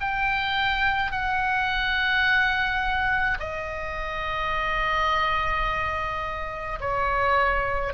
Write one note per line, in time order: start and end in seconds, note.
0.00 1.11 G5
1.11 3.38 F#5
3.40 6.79 D#5
6.80 7.93 C#5